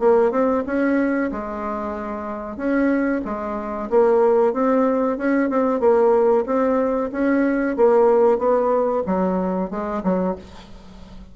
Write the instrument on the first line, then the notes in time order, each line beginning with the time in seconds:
bassoon
0.00 A#3
0.31 C4
0.67 C#4
1.32 G#3
2.57 C#4
3.25 G#3
3.90 A#3
4.53 C4
5.18 C#4
5.50 C4
5.80 A#3
6.46 C4
7.12 C#4
7.77 A#3
8.38 B3
9.07 F#3
9.70 G#3
10.04 F#3